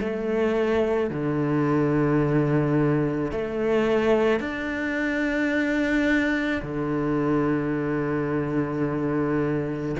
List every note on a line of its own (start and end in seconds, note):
0.00 1.10 A3
1.10 3.31 D3
3.31 4.40 A3
4.40 6.62 D4
6.62 9.95 D3